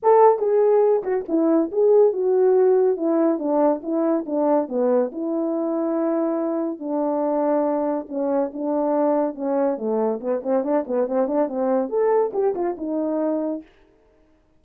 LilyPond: \new Staff \with { instrumentName = "horn" } { \time 4/4 \tempo 4 = 141 a'4 gis'4. fis'8 e'4 | gis'4 fis'2 e'4 | d'4 e'4 d'4 b4 | e'1 |
d'2. cis'4 | d'2 cis'4 a4 | b8 c'8 d'8 b8 c'8 d'8 c'4 | a'4 g'8 f'8 dis'2 | }